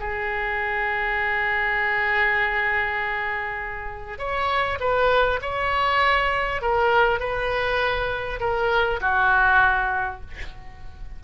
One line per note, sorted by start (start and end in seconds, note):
0.00 4.19 G#4
4.19 4.79 C#5
4.80 5.40 B4
5.42 6.62 C#5
6.62 7.20 A#4
7.20 8.40 B4
8.41 9.01 A#4
9.01 10.21 F#4